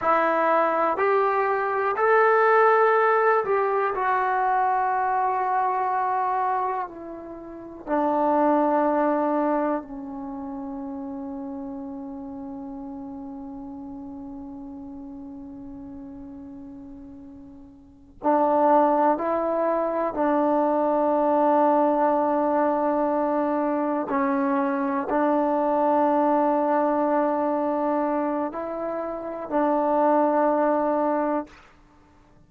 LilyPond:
\new Staff \with { instrumentName = "trombone" } { \time 4/4 \tempo 4 = 61 e'4 g'4 a'4. g'8 | fis'2. e'4 | d'2 cis'2~ | cis'1~ |
cis'2~ cis'8 d'4 e'8~ | e'8 d'2.~ d'8~ | d'8 cis'4 d'2~ d'8~ | d'4 e'4 d'2 | }